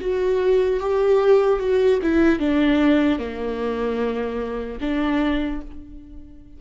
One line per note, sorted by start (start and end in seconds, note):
0.00 0.80 F#4
0.80 1.59 G4
1.59 1.99 F#4
2.02 2.39 E4
2.39 3.19 D4
3.19 4.79 A#3
4.80 5.60 D4